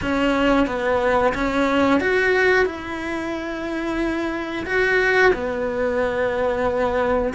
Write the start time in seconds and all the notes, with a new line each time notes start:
0.02 C#4
0.66 B3
1.34 C#4
2.00 F#4
2.65 E4
4.66 F#4
5.33 B3